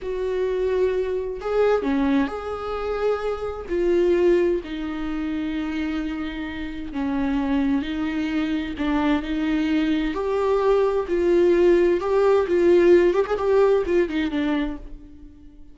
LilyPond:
\new Staff \with { instrumentName = "viola" } { \time 4/4 \tempo 4 = 130 fis'2. gis'4 | cis'4 gis'2. | f'2 dis'2~ | dis'2. cis'4~ |
cis'4 dis'2 d'4 | dis'2 g'2 | f'2 g'4 f'4~ | f'8 g'16 gis'16 g'4 f'8 dis'8 d'4 | }